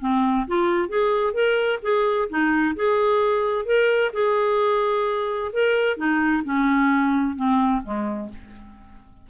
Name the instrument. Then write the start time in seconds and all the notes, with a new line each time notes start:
clarinet
0.00 C4
0.47 F4
0.88 G#4
1.33 A#4
1.82 G#4
2.29 D#4
2.76 G#4
3.65 A#4
4.13 G#4
5.52 A#4
5.97 D#4
6.44 C#4
7.36 C4
7.83 G#3